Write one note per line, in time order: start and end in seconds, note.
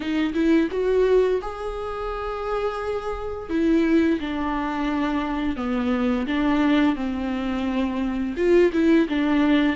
0.00 0.33 D#4
0.33 0.68 E4
0.71 1.40 F#4
1.41 3.49 G#4
3.49 4.19 E4
4.20 5.56 D4
5.56 6.26 B3
6.26 6.95 D4
6.95 8.35 C4
8.36 8.71 F4
8.72 9.07 E4
9.09 9.75 D4